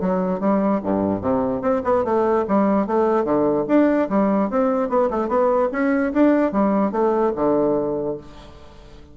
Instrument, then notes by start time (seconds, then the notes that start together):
bassoon
0.00 F#3
0.40 G3
0.83 G2
1.21 C3
1.61 C4
1.84 B3
2.04 A3
2.48 G3
2.87 A3
3.24 D3
3.68 D4
4.09 G3
4.50 C4
4.89 B3
5.10 A3
5.28 B3
5.72 C#4
6.13 D4
6.52 G3
6.91 A3
7.35 D3